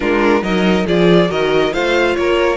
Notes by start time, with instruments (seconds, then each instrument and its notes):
0.00 cello G#3, viola D4, violin F4 A#4
0.42 cello F#3, viola D#4, violin A#4 D#5
0.86 cello F3, viola F4, violin G#4 D5
1.28 cello D#3, viola F#4, violin A#4 D#5
1.72 cello A3, viola F4, violin C5 F5
2.15 cello A#3, violin A#4 C#5